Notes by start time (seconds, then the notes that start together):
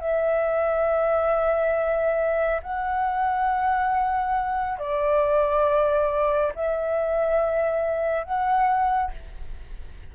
0.00 E5
2.62 F#5
4.79 D5
6.55 E5
8.24 F#5